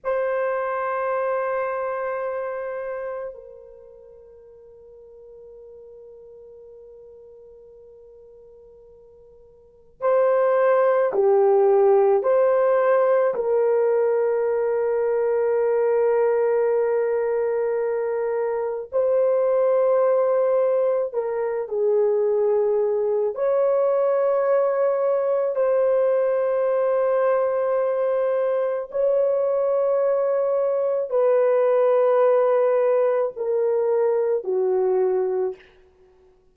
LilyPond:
\new Staff \with { instrumentName = "horn" } { \time 4/4 \tempo 4 = 54 c''2. ais'4~ | ais'1~ | ais'4 c''4 g'4 c''4 | ais'1~ |
ais'4 c''2 ais'8 gis'8~ | gis'4 cis''2 c''4~ | c''2 cis''2 | b'2 ais'4 fis'4 | }